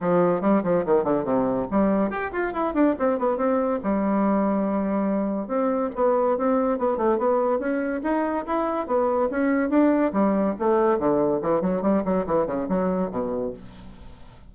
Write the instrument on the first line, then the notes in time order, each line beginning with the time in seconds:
bassoon
0.00 F3
0.41 G3
0.63 F3
0.85 D#3
1.04 D3
1.24 C3
1.71 G3
2.10 G4
2.32 F4
2.53 E4
2.74 D4
2.98 C4
3.18 B3
3.37 C4
3.83 G3
5.47 C4
5.95 B3
6.37 C4
6.78 B3
6.97 A3
7.18 B3
7.59 C#4
8.03 D#4
8.46 E4
8.87 B3
9.30 C#4
9.69 D4
10.12 G3
10.59 A3
10.98 D3
11.42 E3
11.61 F#3
11.82 G3
12.04 F#3
12.26 E3
12.46 C#3
12.69 F#3
13.10 B2